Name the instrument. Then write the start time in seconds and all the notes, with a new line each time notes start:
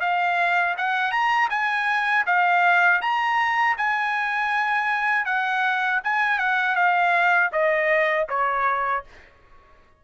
trumpet
0.00 F5
0.77 F#5
1.11 A#5
1.50 G#5
2.26 F5
3.01 A#5
3.77 G#5
5.25 F#5
6.04 G#5
6.39 F#5
6.75 F5
7.52 D#5
8.29 C#5